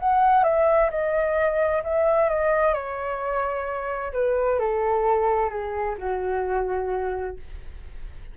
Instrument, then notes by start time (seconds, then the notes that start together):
flute
0.00 F#5
0.44 E5
0.91 D#5
1.84 E5
2.29 D#5
2.74 C#5
4.13 B4
4.59 A4
5.50 G#4
5.98 F#4